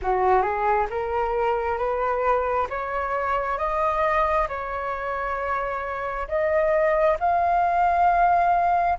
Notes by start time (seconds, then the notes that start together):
0.02 F#4
0.42 G#4
0.90 A#4
1.77 B4
2.69 C#5
3.57 D#5
4.48 C#5
6.27 D#5
7.19 F5